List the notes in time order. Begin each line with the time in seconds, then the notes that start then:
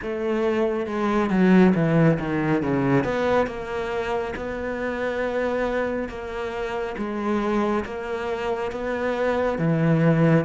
0.02 A3
0.86 G#3
1.30 F#3
1.74 E3
2.19 D#3
2.62 C#3
3.04 B3
3.47 A#3
4.36 B3
6.08 A#3
6.97 G#3
7.84 A#3
8.71 B3
9.58 E3